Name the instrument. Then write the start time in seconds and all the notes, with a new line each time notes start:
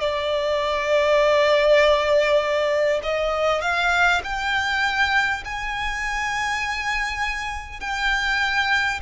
violin
0.00 D5
3.03 D#5
3.61 F5
4.23 G5
5.44 G#5
7.80 G5